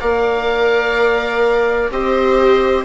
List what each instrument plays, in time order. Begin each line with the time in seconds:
0.00 bassoon A#3, viola A#4 D5, oboe F5
1.91 bassoon C4, viola G4 C5, oboe D#5